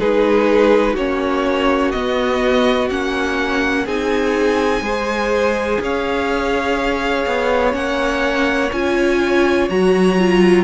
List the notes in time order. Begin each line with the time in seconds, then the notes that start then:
0.00 G#3 D#4 G#4 B4
0.93 A#3 C#4 F#4 C#5
1.92 B3 D#5
2.90 A#3 C#4 F#5
3.86 C4 D#4 G#4 G#5
4.82 G#3 G#4 C5
5.81 C#4 C#5 F5
7.27 B3
7.72 A#3 C#4 F#5
8.73 C#4 F4 G#5
9.70 F#3 F#4 A#5
10.19 F4